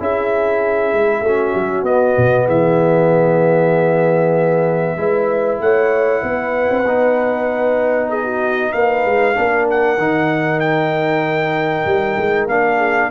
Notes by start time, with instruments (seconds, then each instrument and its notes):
0.00 tuba C#4, trombone E4, horn G#4, trumpet E5
0.93 tuba G#3
1.22 tuba A3, trombone C#4, horn F#4
1.55 tuba F#3
1.83 tuba B3, trombone B3, trumpet D#5
2.17 tuba B2
2.46 tuba E3, horn G#4, trumpet E5
4.98 tuba G#3, trombone E4, horn B4
5.60 tuba A3, horn C#5, trumpet F#5
6.23 tuba B3, horn B4
6.70 tuba C4
6.85 tuba B3, trombone D#4
8.10 horn G#4, trumpet D#5
8.24 horn F#4
8.73 tuba A#3, horn B4, trumpet F5
9.06 tuba G#3
9.35 tuba A#3, trombone D4, horn A#4
9.71 trumpet F#5
9.98 tuba D#3, trombone D#4
10.60 trumpet G5
11.86 tuba G3
12.18 tuba G#3
12.48 tuba A#3, trombone D4, trumpet F5
12.77 horn G#4